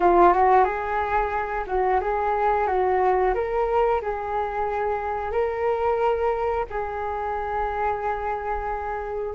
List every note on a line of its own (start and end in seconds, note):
0.00 0.33 F4
0.33 0.64 F#4
0.64 1.64 G#4
1.66 2.00 F#4
2.01 2.67 G#4
2.67 3.34 F#4
3.34 4.01 A#4
4.02 5.32 G#4
5.32 6.65 A#4
6.69 9.35 G#4